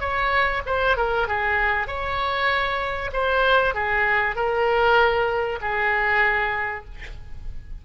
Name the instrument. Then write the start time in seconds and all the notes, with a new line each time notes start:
oboe
0.00 C#5
0.66 C5
0.96 A#4
1.27 G#4
1.87 C#5
3.13 C5
3.74 G#4
4.35 A#4
5.61 G#4